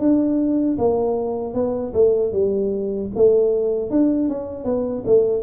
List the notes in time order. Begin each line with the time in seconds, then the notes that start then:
0.00 D4
0.79 A#3
1.54 B3
1.94 A3
2.33 G3
3.16 A3
3.91 D4
4.29 C#4
4.65 B3
5.06 A3